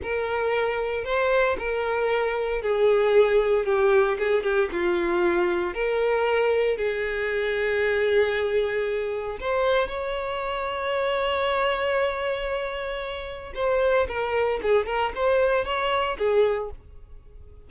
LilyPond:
\new Staff \with { instrumentName = "violin" } { \time 4/4 \tempo 4 = 115 ais'2 c''4 ais'4~ | ais'4 gis'2 g'4 | gis'8 g'8 f'2 ais'4~ | ais'4 gis'2.~ |
gis'2 c''4 cis''4~ | cis''1~ | cis''2 c''4 ais'4 | gis'8 ais'8 c''4 cis''4 gis'4 | }